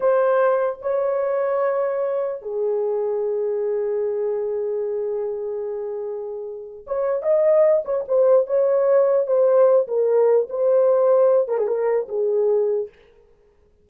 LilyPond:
\new Staff \with { instrumentName = "horn" } { \time 4/4 \tempo 4 = 149 c''2 cis''2~ | cis''2 gis'2~ | gis'1~ | gis'1~ |
gis'4 cis''4 dis''4. cis''8 | c''4 cis''2 c''4~ | c''8 ais'4. c''2~ | c''8 ais'16 gis'16 ais'4 gis'2 | }